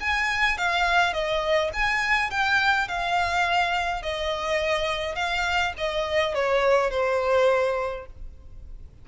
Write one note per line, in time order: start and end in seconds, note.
0.00 0.58 G#5
0.58 1.13 F5
1.13 1.71 D#5
1.74 2.31 G#5
2.31 2.88 G5
2.88 4.03 F5
4.03 5.15 D#5
5.15 5.73 F5
5.78 6.35 D#5
6.35 6.90 C#5
6.90 8.06 C5